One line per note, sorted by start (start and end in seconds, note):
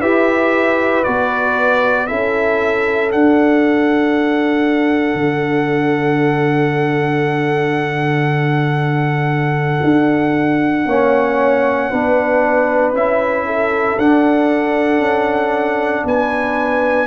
0.00 1.03 E4
0.00 1.05 G4
0.00 2.07 B4
0.00 1.03 E5
1.03 2.10 B3
1.03 2.07 F#4
1.03 2.07 D5
2.07 3.14 C#4
2.07 3.09 E4
2.07 10.87 A4
2.07 3.10 E5
3.09 10.85 D4
3.09 5.14 D4
3.09 12.94 F#5
5.14 9.80 D3
9.83 10.85 D4
10.85 11.89 A#3
10.85 11.91 C#4
10.85 11.90 C#5
11.90 12.92 B3
11.90 12.94 D4
11.90 13.45 B4
12.92 13.95 C#4
12.92 13.97 E4
12.92 13.98 E5
13.46 16.04 A4
13.98 14.99 D4
13.98 17.07 D4
13.98 16.05 F#5
14.99 16.02 C#4
16.04 17.07 B3
16.04 17.07 B4
16.04 17.07 G#5